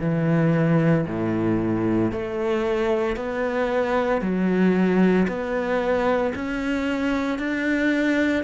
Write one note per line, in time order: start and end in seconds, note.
0.00 1.05 E3
1.07 2.12 A2
2.12 3.16 A3
3.16 4.22 B3
4.22 5.27 F#3
5.28 6.33 B3
6.35 7.39 C#4
7.39 8.44 D4